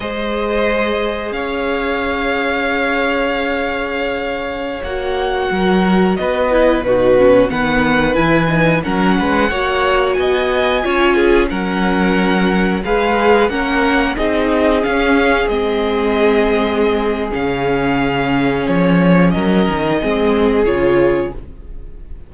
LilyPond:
<<
  \new Staff \with { instrumentName = "violin" } { \time 4/4 \tempo 4 = 90 dis''2 f''2~ | f''2.~ f''16 fis''8.~ | fis''4~ fis''16 dis''4 b'4 fis''8.~ | fis''16 gis''4 fis''2 gis''8.~ |
gis''4~ gis''16 fis''2 f''8.~ | f''16 fis''4 dis''4 f''4 dis''8.~ | dis''2 f''2 | cis''4 dis''2 cis''4 | }
  \new Staff \with { instrumentName = "violin" } { \time 4/4 c''2 cis''2~ | cis''1~ | cis''16 ais'4 b'4 fis'4 b'8.~ | b'4~ b'16 ais'8 b'8 cis''4 dis''8.~ |
dis''16 cis''8 gis'8 ais'2 b'8.~ | b'16 ais'4 gis'2~ gis'8.~ | gis'1~ | gis'4 ais'4 gis'2 | }
  \new Staff \with { instrumentName = "viola" } { \time 4/4 gis'1~ | gis'2.~ gis'16 fis'8.~ | fis'4.~ fis'16 e'8 dis'8 cis'8 b8.~ | b16 e'8 dis'8 cis'4 fis'4.~ fis'16~ |
fis'16 f'4 cis'2 gis'8.~ | gis'16 cis'4 dis'4 cis'4 c'8.~ | c'2 cis'2~ | cis'2 c'4 f'4 | }
  \new Staff \with { instrumentName = "cello" } { \time 4/4 gis2 cis'2~ | cis'2.~ cis'16 ais8.~ | ais16 fis4 b4 b,4 dis8.~ | dis16 e4 fis8 gis8 ais4 b8.~ |
b16 cis'4 fis2 gis8.~ | gis16 ais4 c'4 cis'4 gis8.~ | gis2 cis2 | f4 fis8 dis8 gis4 cis4 | }
>>